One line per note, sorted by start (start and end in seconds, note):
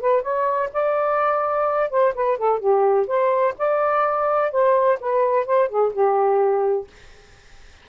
0.00 0.22 B4
0.22 0.70 C#5
0.73 1.90 D5
1.90 2.14 C5
2.15 2.38 B4
2.38 2.59 A4
2.59 3.06 G4
3.07 3.54 C5
3.58 4.51 D5
4.51 4.98 C5
5.00 5.46 B4
5.46 5.69 C5
5.69 5.92 G#4
5.93 6.87 G4